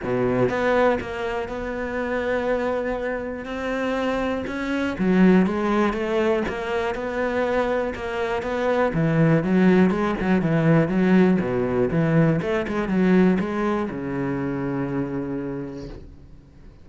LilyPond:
\new Staff \with { instrumentName = "cello" } { \time 4/4 \tempo 4 = 121 b,4 b4 ais4 b4~ | b2. c'4~ | c'4 cis'4 fis4 gis4 | a4 ais4 b2 |
ais4 b4 e4 fis4 | gis8 fis8 e4 fis4 b,4 | e4 a8 gis8 fis4 gis4 | cis1 | }